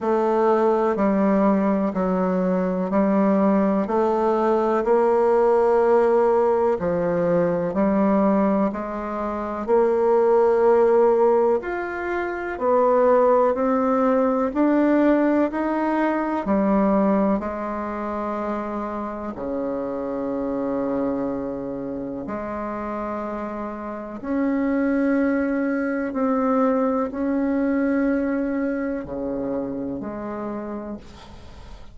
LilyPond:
\new Staff \with { instrumentName = "bassoon" } { \time 4/4 \tempo 4 = 62 a4 g4 fis4 g4 | a4 ais2 f4 | g4 gis4 ais2 | f'4 b4 c'4 d'4 |
dis'4 g4 gis2 | cis2. gis4~ | gis4 cis'2 c'4 | cis'2 cis4 gis4 | }